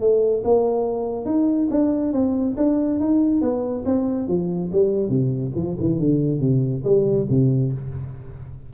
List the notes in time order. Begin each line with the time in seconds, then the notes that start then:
0.00 A3
0.44 A#3
1.25 D#4
1.70 D4
2.13 C4
2.57 D4
3.00 D#4
3.41 B3
3.85 C4
4.27 F3
4.72 G3
5.09 C3
5.55 F3
5.80 E3
5.99 D3
6.40 C3
6.84 G3
7.30 C3